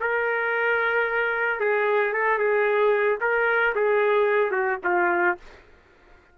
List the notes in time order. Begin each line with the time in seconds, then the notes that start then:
0.00 A#4
1.59 G#4
2.13 A4
2.38 G#4
3.20 A#4
3.75 G#4
4.51 F#4
4.84 F4